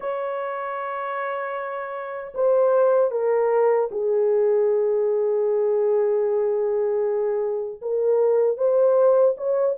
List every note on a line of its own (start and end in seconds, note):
0.00 2.33 C#5
2.34 3.11 C5
3.11 3.89 A#4
3.91 7.81 G#4
7.81 8.57 A#4
8.57 9.35 C5
9.37 9.76 C#5